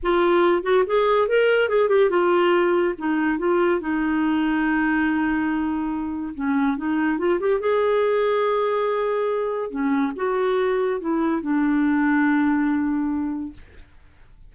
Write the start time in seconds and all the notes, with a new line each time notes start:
0.02 F4
0.63 F#4
0.86 G#4
1.28 A#4
1.69 G#4
1.88 G4
2.10 F4
2.98 D#4
3.38 F4
3.80 D#4
6.35 C#4
6.77 D#4
7.18 F4
7.39 G4
7.60 G#4
9.70 C#4
10.16 F#4
11.00 E4
11.41 D4